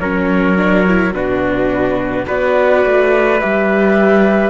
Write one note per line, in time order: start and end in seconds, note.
0.00 1.12 F#3
0.00 0.57 C#4
0.00 1.14 A#4
0.00 1.13 C#5
0.57 0.86 D4
0.87 1.14 E4
1.12 2.26 B2
1.12 2.26 D4
1.12 2.26 F#4
1.12 2.27 B4
2.26 2.85 B3
2.26 3.39 F#4
2.26 4.50 B4
2.26 3.40 D5
2.85 3.42 A3
3.40 4.50 G3
3.40 4.50 G4
3.40 4.50 E5